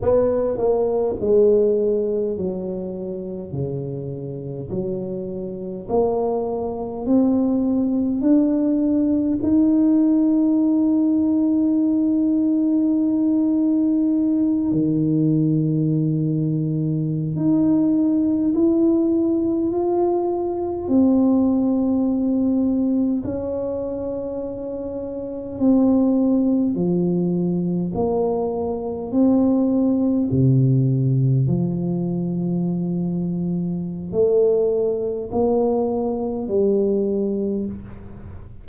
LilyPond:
\new Staff \with { instrumentName = "tuba" } { \time 4/4 \tempo 4 = 51 b8 ais8 gis4 fis4 cis4 | fis4 ais4 c'4 d'4 | dis'1~ | dis'8 dis2~ dis16 dis'4 e'16~ |
e'8. f'4 c'2 cis'16~ | cis'4.~ cis'16 c'4 f4 ais16~ | ais8. c'4 c4 f4~ f16~ | f4 a4 ais4 g4 | }